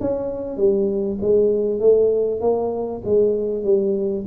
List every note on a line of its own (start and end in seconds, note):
0.00 0.57 C#4
0.57 1.18 G3
1.21 1.79 G#3
1.79 2.41 A3
2.41 3.02 A#3
3.04 3.64 G#3
3.64 4.25 G3